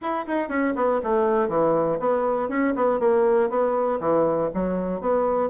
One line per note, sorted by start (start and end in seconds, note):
0.01 0.26 E4
0.27 0.48 D#4
0.48 0.73 C#4
0.75 1.00 B3
1.03 1.48 A3
1.48 1.98 E3
1.99 2.48 B3
2.48 2.73 C#4
2.75 2.99 B3
2.99 3.49 A#3
3.49 3.99 B3
4.00 4.50 E3
4.54 5.00 F#3
5.00 5.49 B3